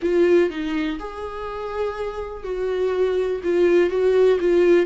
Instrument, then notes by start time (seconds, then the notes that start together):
viola
0.02 F4
0.50 D#4
0.99 G#4
2.43 F#4
3.43 F4
3.89 F#4
4.40 F4